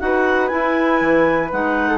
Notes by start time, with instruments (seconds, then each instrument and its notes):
0.00 bassoon D#4, clarinet F#4 F#5, flute B4
0.48 clarinet E4 G#5, bassoon E4
1.01 bassoon E3
1.52 bassoon G#3, clarinet D#4 F#5
1.89 flute A4